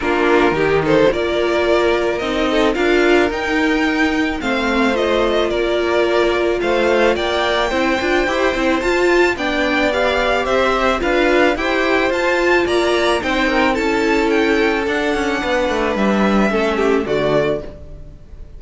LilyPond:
<<
  \new Staff \with { instrumentName = "violin" } { \time 4/4 \tempo 4 = 109 ais'4. c''8 d''2 | dis''4 f''4 g''2 | f''4 dis''4 d''2 | f''4 g''2. |
a''4 g''4 f''4 e''4 | f''4 g''4 a''4 ais''4 | g''4 a''4 g''4 fis''4~ | fis''4 e''2 d''4 | }
  \new Staff \with { instrumentName = "violin" } { \time 4/4 f'4 g'8 a'8 ais'2~ | ais'8 a'8 ais'2. | c''2 ais'2 | c''4 d''4 c''2~ |
c''4 d''2 c''4 | b'4 c''2 d''4 | c''8 ais'8 a'2. | b'2 a'8 g'8 fis'4 | }
  \new Staff \with { instrumentName = "viola" } { \time 4/4 d'4 dis'4 f'2 | dis'4 f'4 dis'2 | c'4 f'2.~ | f'2 e'8 f'8 g'8 e'8 |
f'4 d'4 g'2 | f'4 g'4 f'2 | dis'4 e'2 d'4~ | d'2 cis'4 a4 | }
  \new Staff \with { instrumentName = "cello" } { \time 4/4 ais4 dis4 ais2 | c'4 d'4 dis'2 | a2 ais2 | a4 ais4 c'8 d'8 e'8 c'8 |
f'4 b2 c'4 | d'4 e'4 f'4 ais4 | c'4 cis'2 d'8 cis'8 | b8 a8 g4 a4 d4 | }
>>